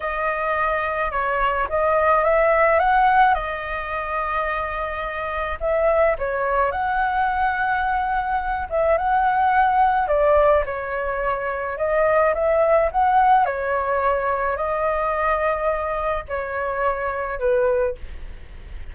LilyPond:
\new Staff \with { instrumentName = "flute" } { \time 4/4 \tempo 4 = 107 dis''2 cis''4 dis''4 | e''4 fis''4 dis''2~ | dis''2 e''4 cis''4 | fis''2.~ fis''8 e''8 |
fis''2 d''4 cis''4~ | cis''4 dis''4 e''4 fis''4 | cis''2 dis''2~ | dis''4 cis''2 b'4 | }